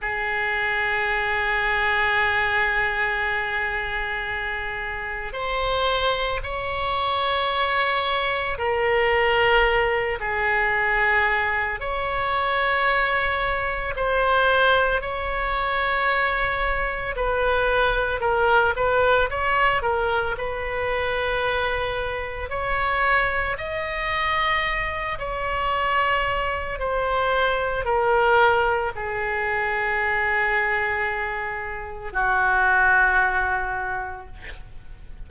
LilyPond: \new Staff \with { instrumentName = "oboe" } { \time 4/4 \tempo 4 = 56 gis'1~ | gis'4 c''4 cis''2 | ais'4. gis'4. cis''4~ | cis''4 c''4 cis''2 |
b'4 ais'8 b'8 cis''8 ais'8 b'4~ | b'4 cis''4 dis''4. cis''8~ | cis''4 c''4 ais'4 gis'4~ | gis'2 fis'2 | }